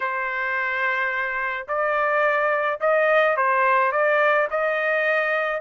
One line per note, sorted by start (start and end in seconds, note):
0.00 1.67 C5
1.68 2.80 D5
2.80 3.36 D#5
3.36 3.92 C5
3.92 4.48 D5
4.50 5.60 D#5